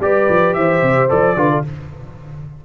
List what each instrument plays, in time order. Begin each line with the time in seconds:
0.00 tuba G3, trombone G4, horn B4, trumpet D5
0.29 tuba F3
0.54 tuba E3, horn C5, trumpet E5
0.82 tuba C3
1.09 tuba F3, trombone A4, trumpet D5
1.36 tuba D3, trombone F4, horn B4
1.51 horn A4